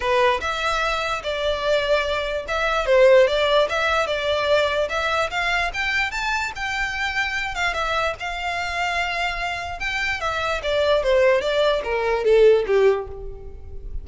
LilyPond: \new Staff \with { instrumentName = "violin" } { \time 4/4 \tempo 4 = 147 b'4 e''2 d''4~ | d''2 e''4 c''4 | d''4 e''4 d''2 | e''4 f''4 g''4 a''4 |
g''2~ g''8 f''8 e''4 | f''1 | g''4 e''4 d''4 c''4 | d''4 ais'4 a'4 g'4 | }